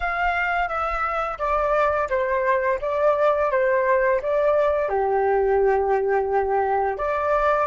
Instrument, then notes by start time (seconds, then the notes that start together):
flute
0.00 F5
0.68 E5
1.38 D5
2.09 C5
2.81 D5
3.51 C5
4.22 D5
4.88 G4
6.97 D5